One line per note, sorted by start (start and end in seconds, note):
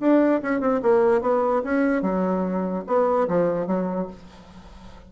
0.00 0.41 D4
0.42 0.60 C#4
0.60 0.81 C4
0.82 1.21 A#3
1.21 1.62 B3
1.64 2.02 C#4
2.02 2.84 F#3
2.87 3.28 B3
3.28 3.67 F3
3.67 4.08 F#3